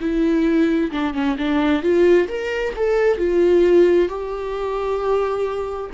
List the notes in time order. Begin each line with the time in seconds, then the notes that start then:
0.00 E4
0.91 D4
1.14 C#4
1.38 D4
1.82 F4
2.28 A#4
2.76 A4
3.17 F4
4.08 G4